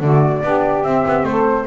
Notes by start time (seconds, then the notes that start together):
0.00 D3 A3 F#4 D5
0.42 B3 D4 G4
0.83 C4 E5
1.07 B3
1.23 A3 A4 C5